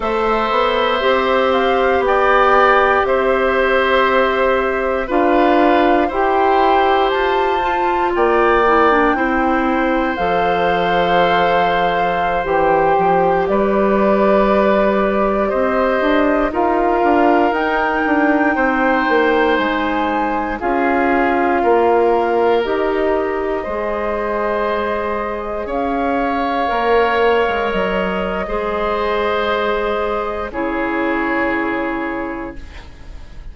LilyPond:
<<
  \new Staff \with { instrumentName = "flute" } { \time 4/4 \tempo 4 = 59 e''4. f''8 g''4 e''4~ | e''4 f''4 g''4 a''4 | g''2 f''2~ | f''16 g''4 d''2 dis''8.~ |
dis''16 f''4 g''2 gis''8.~ | gis''16 f''2 dis''4.~ dis''16~ | dis''4~ dis''16 f''2 dis''8.~ | dis''2 cis''2 | }
  \new Staff \with { instrumentName = "oboe" } { \time 4/4 c''2 d''4 c''4~ | c''4 b'4 c''2 | d''4 c''2.~ | c''4~ c''16 b'2 c''8.~ |
c''16 ais'2 c''4.~ c''16~ | c''16 gis'4 ais'2 c''8.~ | c''4~ c''16 cis''2~ cis''8. | c''2 gis'2 | }
  \new Staff \with { instrumentName = "clarinet" } { \time 4/4 a'4 g'2.~ | g'4 f'4 g'4. f'8~ | f'8 e'16 d'16 e'4 a'2~ | a'16 g'2.~ g'8.~ |
g'16 f'4 dis'2~ dis'8.~ | dis'16 f'2 g'4 gis'8.~ | gis'2~ gis'16 ais'4.~ ais'16 | gis'2 e'2 | }
  \new Staff \with { instrumentName = "bassoon" } { \time 4/4 a8 b8 c'4 b4 c'4~ | c'4 d'4 e'4 f'4 | ais4 c'4 f2~ | f16 e8 f8 g2 c'8 d'16~ |
d'16 dis'8 d'8 dis'8 d'8 c'8 ais8 gis8.~ | gis16 cis'4 ais4 dis'4 gis8.~ | gis4~ gis16 cis'4 ais8. gis16 fis8. | gis2 cis2 | }
>>